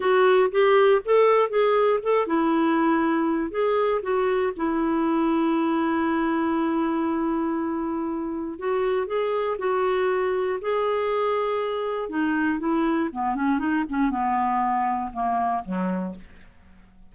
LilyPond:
\new Staff \with { instrumentName = "clarinet" } { \time 4/4 \tempo 4 = 119 fis'4 g'4 a'4 gis'4 | a'8 e'2~ e'8 gis'4 | fis'4 e'2.~ | e'1~ |
e'4 fis'4 gis'4 fis'4~ | fis'4 gis'2. | dis'4 e'4 b8 cis'8 dis'8 cis'8 | b2 ais4 fis4 | }